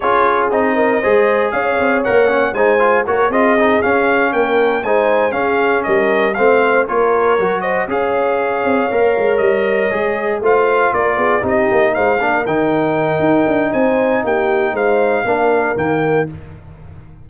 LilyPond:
<<
  \new Staff \with { instrumentName = "trumpet" } { \time 4/4 \tempo 4 = 118 cis''4 dis''2 f''4 | fis''4 gis''4 cis''8 dis''4 f''8~ | f''8 g''4 gis''4 f''4 dis''8~ | dis''8 f''4 cis''4. dis''8 f''8~ |
f''2~ f''8 dis''4.~ | dis''8 f''4 d''4 dis''4 f''8~ | f''8 g''2~ g''8 gis''4 | g''4 f''2 g''4 | }
  \new Staff \with { instrumentName = "horn" } { \time 4/4 gis'4. ais'8 c''4 cis''4~ | cis''4 c''4 ais'8 gis'4.~ | gis'8 ais'4 c''4 gis'4 ais'8~ | ais'8 c''4 ais'4. c''8 cis''8~ |
cis''1~ | cis''8 c''4 ais'8 gis'8 g'4 c''8 | ais'2. c''4 | g'4 c''4 ais'2 | }
  \new Staff \with { instrumentName = "trombone" } { \time 4/4 f'4 dis'4 gis'2 | ais'8 cis'8 dis'8 f'8 fis'8 f'8 dis'8 cis'8~ | cis'4. dis'4 cis'4.~ | cis'8 c'4 f'4 fis'4 gis'8~ |
gis'4. ais'2 gis'8~ | gis'8 f'2 dis'4. | d'8 dis'2.~ dis'8~ | dis'2 d'4 ais4 | }
  \new Staff \with { instrumentName = "tuba" } { \time 4/4 cis'4 c'4 gis4 cis'8 c'8 | ais4 gis4 ais8 c'4 cis'8~ | cis'8 ais4 gis4 cis'4 g8~ | g8 a4 ais4 fis4 cis'8~ |
cis'4 c'8 ais8 gis8 g4 gis8~ | gis8 a4 ais8 b8 c'8 ais8 gis8 | ais8 dis4. dis'8 d'8 c'4 | ais4 gis4 ais4 dis4 | }
>>